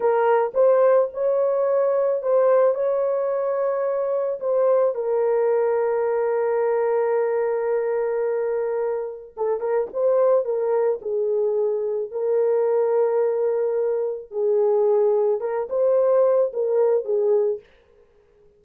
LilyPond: \new Staff \with { instrumentName = "horn" } { \time 4/4 \tempo 4 = 109 ais'4 c''4 cis''2 | c''4 cis''2. | c''4 ais'2.~ | ais'1~ |
ais'4 a'8 ais'8 c''4 ais'4 | gis'2 ais'2~ | ais'2 gis'2 | ais'8 c''4. ais'4 gis'4 | }